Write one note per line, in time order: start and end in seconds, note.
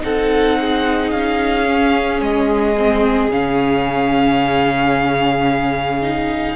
0.00 1.12 C4
0.00 1.64 D#4
0.00 0.59 A4
0.00 1.11 F#5
0.60 6.55 G#4
1.11 2.20 C#4
1.11 2.20 F5
1.65 2.74 C#4
2.20 3.28 G#3
2.20 3.31 D#5
2.77 3.31 C4
3.28 6.55 C#3
3.28 6.01 C#4
3.28 6.55 F5
6.01 6.55 D#4